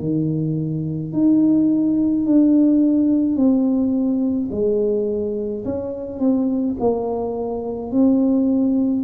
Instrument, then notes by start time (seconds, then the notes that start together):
tuba
0.00 D#3
1.13 D#4
2.26 D4
3.36 C4
4.51 G#3
5.65 C#4
6.20 C4
6.80 A#3
7.92 C4